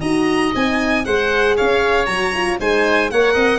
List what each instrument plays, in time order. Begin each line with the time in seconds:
0.00 tuba D#4, horn F#4, oboe D#5, violin A#5
0.55 tuba C4, horn D#4, violin G#5
1.05 tuba G#3, horn G#4, oboe C5, violin F#5
1.56 tuba C#4, oboe C#5, violin F5
2.06 tuba F#3, horn F#4, violin A#5
2.34 horn F4
2.59 tuba G#3, horn D#4, oboe C5, violin G#5
3.09 tuba A#3, horn A#4, oboe C#5, violin F#5
3.33 tuba C4, oboe D#5